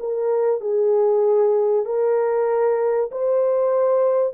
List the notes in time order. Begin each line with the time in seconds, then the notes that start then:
0.00 A#4
0.61 G#4
1.86 A#4
3.12 C5